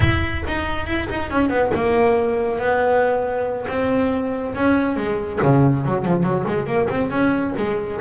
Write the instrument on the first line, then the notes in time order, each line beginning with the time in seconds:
double bass
0.00 E4
0.47 D#4
0.86 E4
1.09 D#4
1.30 C#4
1.49 B3
1.74 A#3
2.58 B3
3.68 C4
4.54 C#4
4.96 G#3
5.42 C#3
5.85 F#3
6.05 F3
6.23 F#3
6.47 G#3
6.66 A#3
6.89 C4
7.10 C#4
7.57 G#3